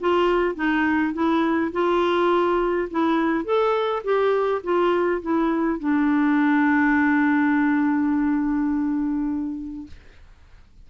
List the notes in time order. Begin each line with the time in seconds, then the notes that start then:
0.00 F4
0.55 D#4
1.13 E4
1.72 F4
2.91 E4
3.44 A4
4.04 G4
4.63 F4
5.21 E4
5.79 D4